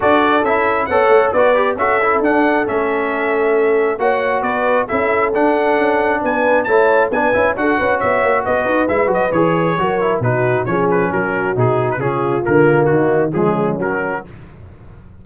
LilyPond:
<<
  \new Staff \with { instrumentName = "trumpet" } { \time 4/4 \tempo 4 = 135 d''4 e''4 fis''4 d''4 | e''4 fis''4 e''2~ | e''4 fis''4 d''4 e''4 | fis''2 gis''4 a''4 |
gis''4 fis''4 e''4 dis''4 | e''8 dis''8 cis''2 b'4 | cis''8 b'8 ais'4 gis'8. b'16 gis'4 | ais'4 fis'4 gis'4 ais'4 | }
  \new Staff \with { instrumentName = "horn" } { \time 4/4 a'2 cis''4 b'4 | a'1~ | a'4 cis''4 b'4 a'4~ | a'2 b'4 cis''4 |
b'4 a'8 b'8 cis''4 b'4~ | b'2 ais'4 fis'4 | gis'4 fis'2 f'4~ | f'4 dis'4 cis'2 | }
  \new Staff \with { instrumentName = "trombone" } { \time 4/4 fis'4 e'4 a'4 fis'8 g'8 | fis'8 e'8 d'4 cis'2~ | cis'4 fis'2 e'4 | d'2. e'4 |
d'8 e'8 fis'2. | e'8 fis'8 gis'4 fis'8 e'8 dis'4 | cis'2 dis'4 cis'4 | ais2 gis4 fis4 | }
  \new Staff \with { instrumentName = "tuba" } { \time 4/4 d'4 cis'4 b8 a8 b4 | cis'4 d'4 a2~ | a4 ais4 b4 cis'4 | d'4 cis'4 b4 a4 |
b8 cis'8 d'8 cis'8 b8 ais8 b8 dis'8 | gis8 fis8 e4 fis4 b,4 | f4 fis4 b,4 cis4 | d4 dis4 f4 fis4 | }
>>